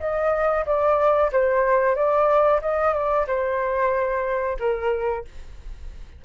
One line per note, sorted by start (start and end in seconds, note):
0.00 0.65 D#5
0.66 1.31 D5
1.32 1.96 C5
1.96 2.61 D5
2.62 2.94 D#5
2.94 3.27 D5
3.27 4.58 C5
4.60 5.25 A#4